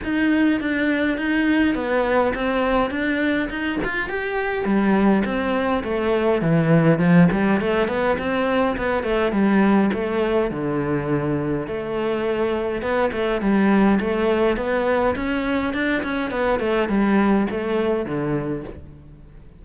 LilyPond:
\new Staff \with { instrumentName = "cello" } { \time 4/4 \tempo 4 = 103 dis'4 d'4 dis'4 b4 | c'4 d'4 dis'8 f'8 g'4 | g4 c'4 a4 e4 | f8 g8 a8 b8 c'4 b8 a8 |
g4 a4 d2 | a2 b8 a8 g4 | a4 b4 cis'4 d'8 cis'8 | b8 a8 g4 a4 d4 | }